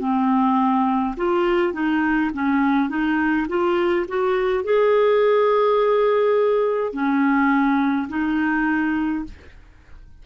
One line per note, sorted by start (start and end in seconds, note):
0.00 1.15 C4
1.17 1.74 F4
1.74 2.31 D#4
2.34 2.90 C#4
2.90 3.47 D#4
3.49 4.06 F4
4.09 4.65 F#4
4.65 6.93 G#4
6.93 8.09 C#4
8.09 9.25 D#4